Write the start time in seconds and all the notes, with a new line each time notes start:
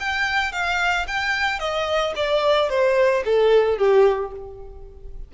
0.00 G5
0.52 F5
1.07 G5
1.59 D#5
2.16 D5
2.70 C5
3.25 A4
3.78 G4